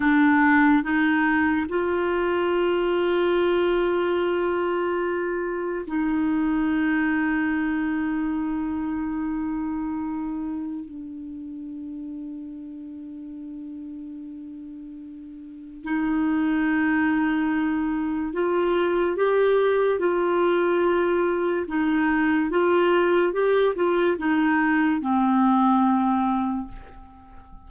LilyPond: \new Staff \with { instrumentName = "clarinet" } { \time 4/4 \tempo 4 = 72 d'4 dis'4 f'2~ | f'2. dis'4~ | dis'1~ | dis'4 d'2.~ |
d'2. dis'4~ | dis'2 f'4 g'4 | f'2 dis'4 f'4 | g'8 f'8 dis'4 c'2 | }